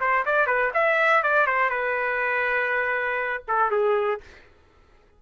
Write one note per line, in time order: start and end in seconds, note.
0.00 0.25 C5
0.25 0.46 D5
0.46 0.71 B4
0.74 1.23 E5
1.23 1.47 D5
1.47 1.70 C5
1.70 3.43 B4
3.47 3.71 A4
3.71 4.20 G#4